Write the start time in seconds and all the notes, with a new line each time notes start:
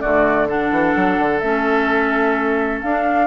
0.00 D3 A3 F#4 D5
0.47 D4 A4 F#5
0.70 E3
0.95 F#3
1.18 D3
1.39 A3 C#4 E5
2.82 D4 F5